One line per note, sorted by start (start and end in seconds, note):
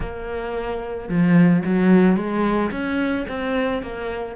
0.00 1.08 A#3
1.08 1.63 F3
1.65 2.16 F#3
2.16 2.70 G#3
2.71 3.26 C#4
3.28 3.82 C4
3.82 4.35 A#3